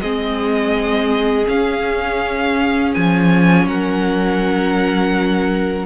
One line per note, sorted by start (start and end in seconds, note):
0.00 1.47 G#3
0.00 1.45 C4
0.00 3.67 G#4
0.00 1.46 D#5
1.45 5.84 C#4
1.45 2.94 C#4
1.45 2.94 F5
2.94 3.66 F3
2.94 3.67 G#5
3.66 5.86 F#3
3.66 5.86 A#4
3.66 5.86 F#5